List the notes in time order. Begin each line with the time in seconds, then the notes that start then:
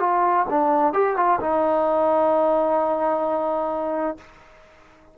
0.00 F4
0.50 D4
0.94 G4
1.17 F4
1.41 D#4